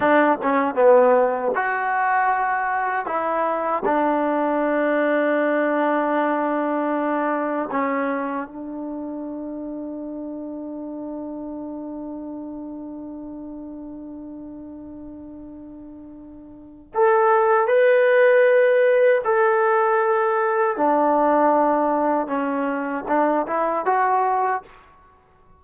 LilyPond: \new Staff \with { instrumentName = "trombone" } { \time 4/4 \tempo 4 = 78 d'8 cis'8 b4 fis'2 | e'4 d'2.~ | d'2 cis'4 d'4~ | d'1~ |
d'1~ | d'2 a'4 b'4~ | b'4 a'2 d'4~ | d'4 cis'4 d'8 e'8 fis'4 | }